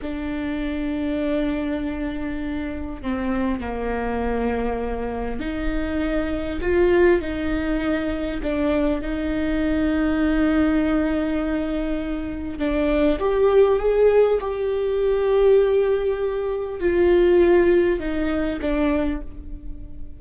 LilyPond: \new Staff \with { instrumentName = "viola" } { \time 4/4 \tempo 4 = 100 d'1~ | d'4 c'4 ais2~ | ais4 dis'2 f'4 | dis'2 d'4 dis'4~ |
dis'1~ | dis'4 d'4 g'4 gis'4 | g'1 | f'2 dis'4 d'4 | }